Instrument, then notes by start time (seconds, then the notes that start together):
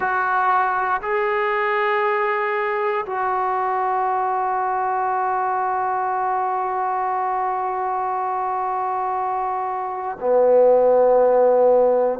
trombone
0.00 F#4
1.01 G#4
3.06 F#4
10.19 B3